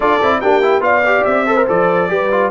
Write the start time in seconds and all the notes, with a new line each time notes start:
0.00 D4 F4 A4 D5
0.22 C4 E4
0.40 A#3 D4 G4 G5
0.62 E4
0.80 B3 F4 D5 F5
1.06 G4
1.24 C4 E5
1.46 A4 C5
1.56 A#4
1.67 F3 A4 D5
2.08 G3 G4 B4
2.31 F4